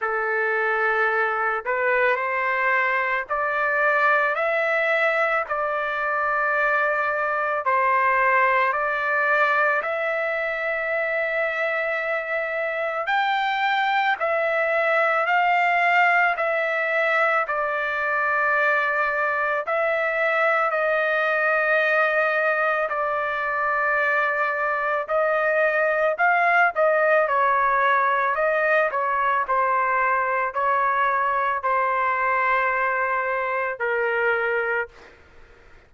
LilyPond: \new Staff \with { instrumentName = "trumpet" } { \time 4/4 \tempo 4 = 55 a'4. b'8 c''4 d''4 | e''4 d''2 c''4 | d''4 e''2. | g''4 e''4 f''4 e''4 |
d''2 e''4 dis''4~ | dis''4 d''2 dis''4 | f''8 dis''8 cis''4 dis''8 cis''8 c''4 | cis''4 c''2 ais'4 | }